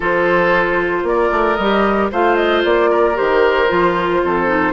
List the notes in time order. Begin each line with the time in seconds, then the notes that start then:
0.00 F3 F4 A4 C5
1.03 A#3 D5
1.10 A#4
1.31 A3
1.55 G3 G4 D#5
2.11 A3 F4 C5 F5
2.35 D#5
2.64 A#3 D5
2.89 A#4
3.14 D#3 G4 C5
3.68 F3 F4
4.22 F2 A4
4.46 D#4